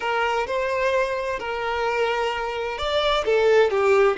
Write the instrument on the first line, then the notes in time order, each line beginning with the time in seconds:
violin
0.00 A#4
0.47 C5
1.39 A#4
2.78 D5
3.25 A4
3.70 G4